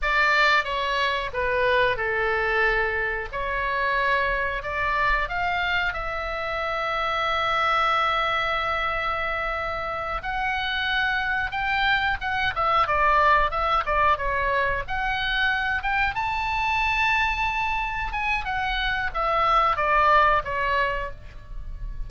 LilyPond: \new Staff \with { instrumentName = "oboe" } { \time 4/4 \tempo 4 = 91 d''4 cis''4 b'4 a'4~ | a'4 cis''2 d''4 | f''4 e''2.~ | e''2.~ e''8 fis''8~ |
fis''4. g''4 fis''8 e''8 d''8~ | d''8 e''8 d''8 cis''4 fis''4. | g''8 a''2. gis''8 | fis''4 e''4 d''4 cis''4 | }